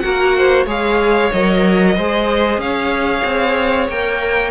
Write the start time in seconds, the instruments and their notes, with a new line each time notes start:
0.00 cello A#3, viola F#4, violin A#4 F#5
0.37 violin C5
0.66 cello G#3, viola G#4, violin C#5 F5
1.33 cello F#3, viola A#4, violin D#5
1.97 cello G#3, viola G#4, violin C5
2.58 cello C#4, violin C#5 F5
3.25 cello C4
3.89 cello A#3, viola A#4, violin G5